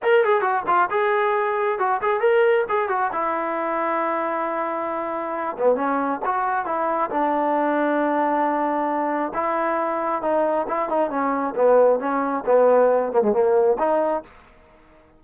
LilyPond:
\new Staff \with { instrumentName = "trombone" } { \time 4/4 \tempo 4 = 135 ais'8 gis'8 fis'8 f'8 gis'2 | fis'8 gis'8 ais'4 gis'8 fis'8 e'4~ | e'1~ | e'8 b8 cis'4 fis'4 e'4 |
d'1~ | d'4 e'2 dis'4 | e'8 dis'8 cis'4 b4 cis'4 | b4. ais16 gis16 ais4 dis'4 | }